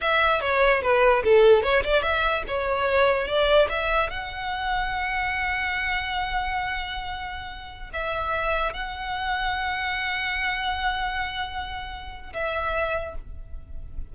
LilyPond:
\new Staff \with { instrumentName = "violin" } { \time 4/4 \tempo 4 = 146 e''4 cis''4 b'4 a'4 | cis''8 d''8 e''4 cis''2 | d''4 e''4 fis''2~ | fis''1~ |
fis''2.~ fis''16 e''8.~ | e''4~ e''16 fis''2~ fis''8.~ | fis''1~ | fis''2 e''2 | }